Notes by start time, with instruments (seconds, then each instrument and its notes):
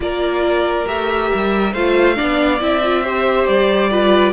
0.00 cello A#3, viola F4, violin A#4 D5
0.85 cello A3, viola G4, violin E5
1.34 cello G3
1.72 cello A3, viola F4, violin C5 F5
2.15 viola D4, violin D5
2.21 cello B3
2.60 cello C4, viola E4, violin E5
2.83 viola F4
3.03 viola G4, violin C5
3.46 cello G3, violin D5
3.90 viola F4, violin B4